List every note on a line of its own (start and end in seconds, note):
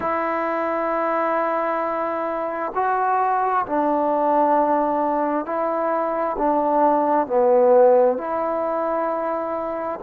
0.00 2.72 E4
2.74 3.65 F#4
3.66 5.45 D4
5.45 6.36 E4
6.38 7.26 D4
7.26 8.17 B3
8.17 9.99 E4